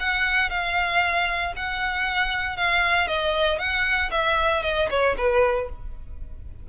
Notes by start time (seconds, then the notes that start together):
0.00 F#5
0.50 F5
1.56 F#5
2.57 F5
3.08 D#5
3.59 F#5
4.11 E5
4.63 D#5
4.90 C#5
5.18 B4